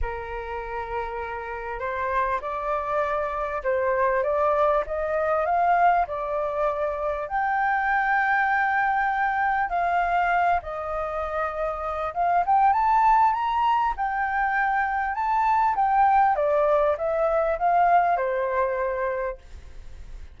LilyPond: \new Staff \with { instrumentName = "flute" } { \time 4/4 \tempo 4 = 99 ais'2. c''4 | d''2 c''4 d''4 | dis''4 f''4 d''2 | g''1 |
f''4. dis''2~ dis''8 | f''8 g''8 a''4 ais''4 g''4~ | g''4 a''4 g''4 d''4 | e''4 f''4 c''2 | }